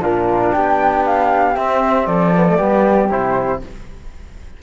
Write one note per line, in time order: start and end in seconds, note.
0.00 0.51 A#2
0.00 1.55 D4
0.00 0.54 F4
0.00 0.52 A#4
0.52 1.57 B3
0.52 2.08 G4
0.52 1.04 G5
1.06 1.57 F5
1.57 2.07 C4
1.57 2.35 C4
1.57 2.07 E5
2.07 2.59 F3
2.07 2.58 A4
2.07 3.10 D5
2.35 2.48 B3
2.49 2.58 A3
2.58 3.12 G3
2.58 3.10 B3
2.58 3.60 G4
3.10 3.63 C3
3.10 3.62 E4
3.10 3.62 C5